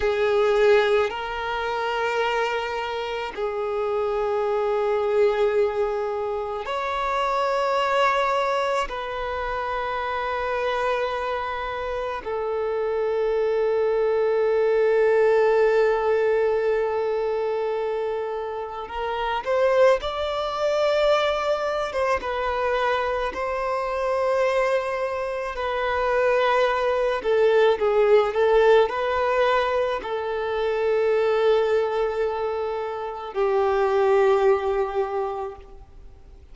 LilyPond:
\new Staff \with { instrumentName = "violin" } { \time 4/4 \tempo 4 = 54 gis'4 ais'2 gis'4~ | gis'2 cis''2 | b'2. a'4~ | a'1~ |
a'4 ais'8 c''8 d''4.~ d''16 c''16 | b'4 c''2 b'4~ | b'8 a'8 gis'8 a'8 b'4 a'4~ | a'2 g'2 | }